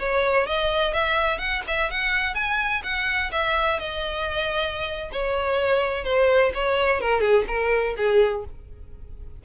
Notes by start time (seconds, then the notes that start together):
0.00 C#5
0.47 D#5
0.94 E5
1.39 F#5
1.68 E5
1.91 F#5
2.35 G#5
2.84 F#5
3.32 E5
3.80 D#5
5.13 C#5
6.05 C5
6.55 C#5
7.01 A#4
7.21 G#4
7.48 A#4
7.97 G#4